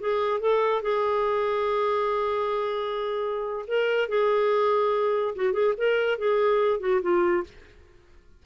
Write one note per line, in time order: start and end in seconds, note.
0.00 0.40 G#4
0.40 0.82 A4
0.82 3.66 G#4
3.68 4.09 A#4
4.09 5.35 G#4
5.35 5.53 F#4
5.53 5.74 G#4
5.77 6.18 A#4
6.18 6.80 G#4
6.80 7.01 F#4
7.02 7.44 F4